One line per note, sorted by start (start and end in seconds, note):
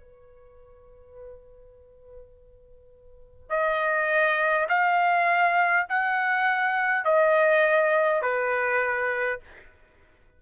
0.00 3.50 B4
3.50 4.67 D#5
4.69 5.87 F5
5.89 7.05 F#5
7.05 8.22 D#5
8.22 9.40 B4